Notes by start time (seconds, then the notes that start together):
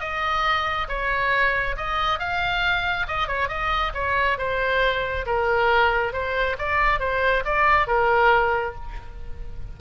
0.00 D#5
0.88 C#5
1.77 D#5
2.19 F5
3.08 D#5
3.27 C#5
3.48 D#5
3.94 C#5
4.38 C5
5.26 A#4
6.13 C5
6.58 D5
7.00 C5
7.45 D5
7.87 A#4